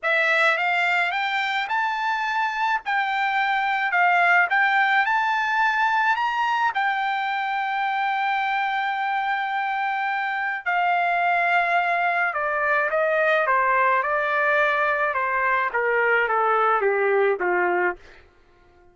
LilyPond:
\new Staff \with { instrumentName = "trumpet" } { \time 4/4 \tempo 4 = 107 e''4 f''4 g''4 a''4~ | a''4 g''2 f''4 | g''4 a''2 ais''4 | g''1~ |
g''2. f''4~ | f''2 d''4 dis''4 | c''4 d''2 c''4 | ais'4 a'4 g'4 f'4 | }